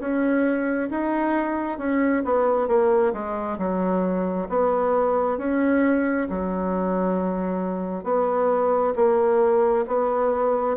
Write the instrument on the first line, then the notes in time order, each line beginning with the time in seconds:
bassoon
0.00 C#4
0.90 D#4
1.78 C#4
2.25 B3
2.68 A#3
3.13 G#3
3.59 F#3
4.49 B3
5.38 C#4
6.29 F#3
8.04 B3
8.96 A#3
9.88 B3